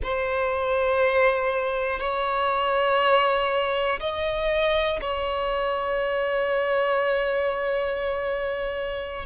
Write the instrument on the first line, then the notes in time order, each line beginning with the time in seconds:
violin
0.03 C5
2.00 C#5
4.00 D#5
5.00 C#5